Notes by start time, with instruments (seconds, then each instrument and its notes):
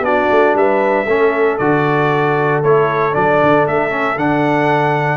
0.00 tuba B3, trombone D4, horn F#4, trumpet D5
0.30 tuba A3
0.54 tuba G3, horn B4, trumpet E5
1.05 tuba A3, trombone C#4, horn A4
1.58 tuba D3, trombone F#4, trumpet D5
2.63 tuba A3, trombone E4, trumpet C#5
3.12 tuba F#3, trombone D4, trumpet D5
3.42 tuba D3
3.67 tuba A3, trumpet E5
3.90 trombone C#4
4.16 tuba D3, trombone D4, trumpet F#5